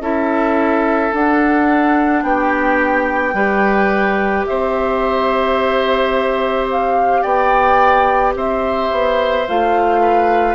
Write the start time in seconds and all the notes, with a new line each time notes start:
0.00 C#4 E4 A4 E5
1.12 D4 F#5
2.23 B3 G4 G5
3.34 G3 G4 B4
4.47 C4 C5 E5
6.71 F5
7.22 B3 D5 G5
8.35 C4 C5 E5
8.91 B3
9.48 A3 F4 F5
10.01 B4